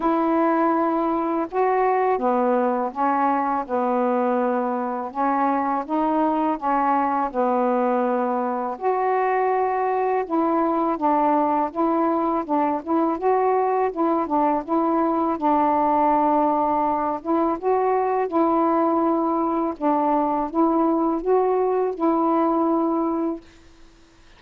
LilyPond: \new Staff \with { instrumentName = "saxophone" } { \time 4/4 \tempo 4 = 82 e'2 fis'4 b4 | cis'4 b2 cis'4 | dis'4 cis'4 b2 | fis'2 e'4 d'4 |
e'4 d'8 e'8 fis'4 e'8 d'8 | e'4 d'2~ d'8 e'8 | fis'4 e'2 d'4 | e'4 fis'4 e'2 | }